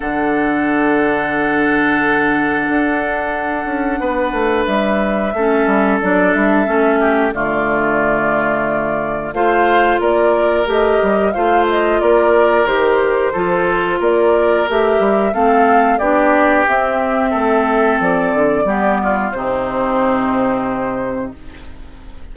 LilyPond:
<<
  \new Staff \with { instrumentName = "flute" } { \time 4/4 \tempo 4 = 90 fis''1~ | fis''2. e''4~ | e''4 d''8 e''4. d''4~ | d''2 f''4 d''4 |
dis''4 f''8 dis''8 d''4 c''4~ | c''4 d''4 e''4 f''4 | d''4 e''2 d''4~ | d''4 c''2. | }
  \new Staff \with { instrumentName = "oboe" } { \time 4/4 a'1~ | a'2 b'2 | a'2~ a'8 g'8 f'4~ | f'2 c''4 ais'4~ |
ais'4 c''4 ais'2 | a'4 ais'2 a'4 | g'2 a'2 | g'8 f'8 dis'2. | }
  \new Staff \with { instrumentName = "clarinet" } { \time 4/4 d'1~ | d'1 | cis'4 d'4 cis'4 a4~ | a2 f'2 |
g'4 f'2 g'4 | f'2 g'4 c'4 | d'4 c'2. | b4 c'2. | }
  \new Staff \with { instrumentName = "bassoon" } { \time 4/4 d1 | d'4. cis'8 b8 a8 g4 | a8 g8 fis8 g8 a4 d4~ | d2 a4 ais4 |
a8 g8 a4 ais4 dis4 | f4 ais4 a8 g8 a4 | b4 c'4 a4 f8 d8 | g4 c2. | }
>>